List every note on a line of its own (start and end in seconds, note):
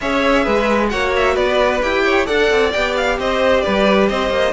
0.00 0.46 C#4
0.00 0.89 G#4
0.00 0.43 C#5
0.00 0.88 E5
0.43 0.92 G#3
0.43 0.89 B4
0.88 1.36 A#3
0.88 1.80 F#4
0.88 1.34 C#5
0.88 1.11 F#5
1.16 1.36 E5
1.34 1.81 B3
1.34 2.02 B4
1.34 1.81 D5
1.81 2.28 E4
1.81 2.26 G4
1.81 2.26 G5
2.04 2.26 C#5
2.26 2.51 D4
2.26 2.71 A4
2.26 3.17 D5
2.26 2.71 F#5
2.51 2.73 C4
2.71 3.18 B3
2.71 4.53 G4
2.71 2.94 G5
2.96 3.19 F5
3.18 3.64 C4
3.18 3.64 C5
3.18 3.61 D#5
3.61 4.10 G3
3.61 4.09 B4
3.61 4.06 D5
4.09 4.29 C4
4.09 4.53 C5
4.09 4.53 D#5
4.29 4.52 A#3